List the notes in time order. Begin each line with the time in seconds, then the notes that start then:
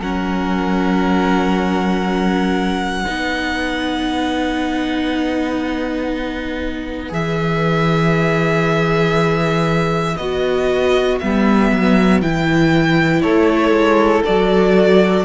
0.00 F#3 C#4 A#4 F#5
3.04 B3 D#4 B4
7.09 E3 G#4 E5
10.17 B3 F#4 D#5
11.19 G3 B3 E5
11.71 F#3
12.22 E3 E4 G5
13.21 A3 A4 C#5
13.71 G#3
14.25 F#3 F#4 D5